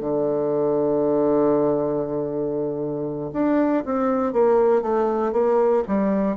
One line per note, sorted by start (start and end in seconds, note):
0.00 3.31 D3
3.32 3.83 D4
3.85 4.32 C4
4.32 4.82 A#3
4.82 5.32 A3
5.32 5.83 A#3
5.87 6.36 G3